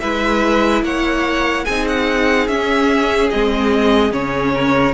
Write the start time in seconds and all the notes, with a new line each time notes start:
0.00 G#3 E4 B4 E5
0.83 A#3 C#5 F#5
1.65 C4 D#4 G#4 G#5
1.88 F#5
2.47 C#4 E5
3.30 G#3 C4 D#5
4.11 C#3 C#4 C#5
4.54 A#4